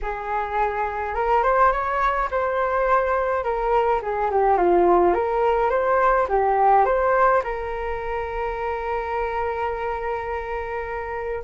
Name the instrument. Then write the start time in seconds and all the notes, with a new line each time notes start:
flute
0.02 G#4
1.14 A#4
1.43 C5
1.71 C#5
2.30 C5
3.43 A#4
4.02 G#4
4.31 G4
4.57 F4
5.14 A#4
5.70 C5
6.28 G4
6.85 C5
7.43 A#4